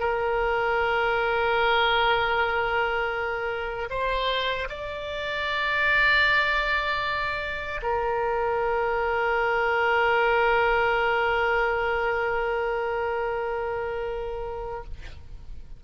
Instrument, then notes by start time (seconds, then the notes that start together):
oboe
0.00 A#4
3.91 C5
4.69 D5
7.83 A#4